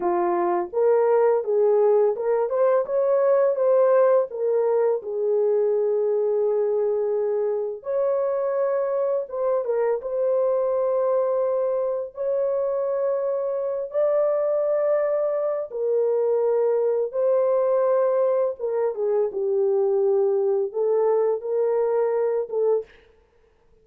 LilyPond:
\new Staff \with { instrumentName = "horn" } { \time 4/4 \tempo 4 = 84 f'4 ais'4 gis'4 ais'8 c''8 | cis''4 c''4 ais'4 gis'4~ | gis'2. cis''4~ | cis''4 c''8 ais'8 c''2~ |
c''4 cis''2~ cis''8 d''8~ | d''2 ais'2 | c''2 ais'8 gis'8 g'4~ | g'4 a'4 ais'4. a'8 | }